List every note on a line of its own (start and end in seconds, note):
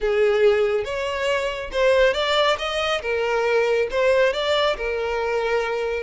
0.00 0.84 G#4
0.84 1.70 C#5
1.71 2.13 C5
2.13 2.56 D5
2.58 3.01 D#5
3.01 3.87 A#4
3.90 4.33 C5
4.33 4.76 D5
4.76 6.03 A#4